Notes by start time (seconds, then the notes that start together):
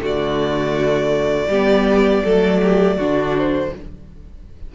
0.00 D3 A3 F#4 D5
1.48 G3 B3 G4
2.24 F#3 A3 A4
2.63 G4
2.97 D3 D4 F#4
3.37 C5